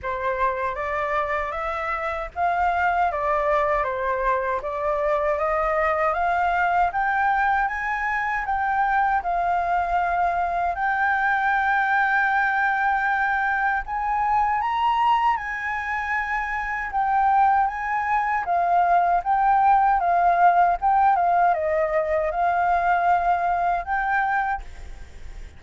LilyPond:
\new Staff \with { instrumentName = "flute" } { \time 4/4 \tempo 4 = 78 c''4 d''4 e''4 f''4 | d''4 c''4 d''4 dis''4 | f''4 g''4 gis''4 g''4 | f''2 g''2~ |
g''2 gis''4 ais''4 | gis''2 g''4 gis''4 | f''4 g''4 f''4 g''8 f''8 | dis''4 f''2 g''4 | }